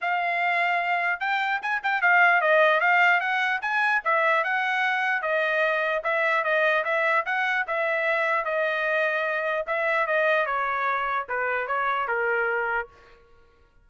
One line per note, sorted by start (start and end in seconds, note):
0.01 1.20 F5
1.20 1.60 G5
1.61 1.82 G#5
1.83 2.01 G5
2.01 2.41 F5
2.41 2.80 D#5
2.80 3.20 F5
3.20 3.60 F#5
3.61 4.02 G#5
4.04 4.44 E5
4.44 5.22 F#5
5.22 6.02 D#5
6.03 6.43 E5
6.43 6.84 D#5
6.84 7.24 E5
7.25 7.65 F#5
7.67 8.44 E5
8.44 9.65 D#5
9.66 10.06 E5
10.06 10.46 D#5
10.46 11.26 C#5
11.29 11.67 B4
11.67 12.07 C#5
12.07 12.88 A#4